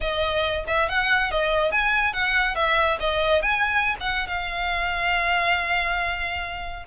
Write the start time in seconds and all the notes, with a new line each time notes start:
0.00 D#5
0.67 E5
0.89 F#5
1.31 D#5
1.71 G#5
2.13 F#5
2.55 E5
2.99 D#5
3.42 G#5
4.00 F#5
4.27 F5